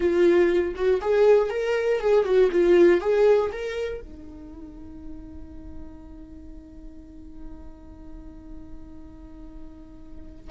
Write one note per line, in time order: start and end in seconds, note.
0.00 0.74 F4
0.75 1.00 F#4
1.01 1.50 G#4
1.50 2.00 A#4
2.00 2.25 G#4
2.25 2.50 F#4
2.51 3.00 F4
3.00 3.50 G#4
3.52 4.01 A#4
4.01 10.50 D#4